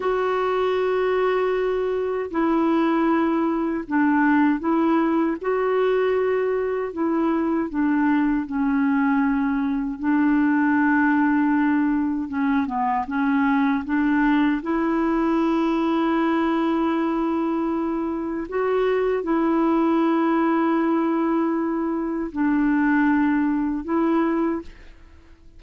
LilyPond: \new Staff \with { instrumentName = "clarinet" } { \time 4/4 \tempo 4 = 78 fis'2. e'4~ | e'4 d'4 e'4 fis'4~ | fis'4 e'4 d'4 cis'4~ | cis'4 d'2. |
cis'8 b8 cis'4 d'4 e'4~ | e'1 | fis'4 e'2.~ | e'4 d'2 e'4 | }